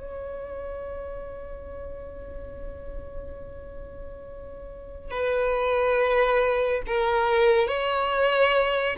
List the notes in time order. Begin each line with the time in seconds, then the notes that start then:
0.00 C#5
5.11 B4
6.86 A#4
7.68 C#5